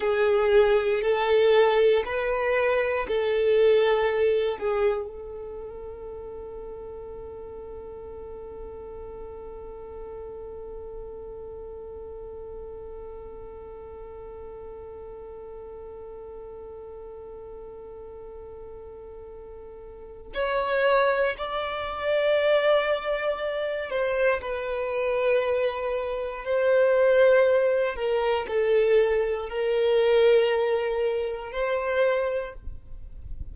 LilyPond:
\new Staff \with { instrumentName = "violin" } { \time 4/4 \tempo 4 = 59 gis'4 a'4 b'4 a'4~ | a'8 gis'8 a'2.~ | a'1~ | a'1~ |
a'1 | cis''4 d''2~ d''8 c''8 | b'2 c''4. ais'8 | a'4 ais'2 c''4 | }